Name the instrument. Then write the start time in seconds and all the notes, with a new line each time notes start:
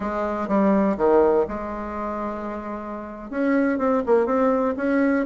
bassoon
0.00 G#3
0.48 G3
0.97 D#3
1.48 G#3
3.30 C#4
3.78 C4
4.06 A#3
4.25 C4
4.76 C#4